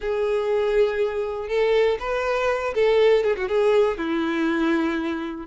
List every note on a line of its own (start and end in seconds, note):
0.00 1.48 G#4
1.48 1.98 A4
1.99 2.73 B4
2.74 3.23 A4
3.23 3.35 G#4
3.36 3.48 F#4
3.48 3.97 G#4
3.97 5.46 E4